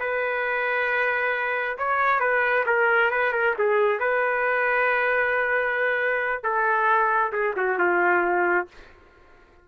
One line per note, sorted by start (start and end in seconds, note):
0.00 1.78 B4
1.78 2.20 C#5
2.20 2.65 B4
2.66 3.11 A#4
3.11 3.33 B4
3.33 3.55 A#4
3.59 4.00 G#4
4.00 6.43 B4
6.43 7.32 A4
7.33 7.55 G#4
7.57 7.79 F#4
7.79 8.68 F4